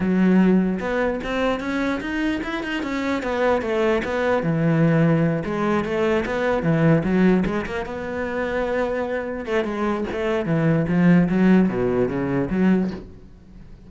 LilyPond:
\new Staff \with { instrumentName = "cello" } { \time 4/4 \tempo 4 = 149 fis2 b4 c'4 | cis'4 dis'4 e'8 dis'8 cis'4 | b4 a4 b4 e4~ | e4. gis4 a4 b8~ |
b8 e4 fis4 gis8 ais8 b8~ | b2.~ b8 a8 | gis4 a4 e4 f4 | fis4 b,4 cis4 fis4 | }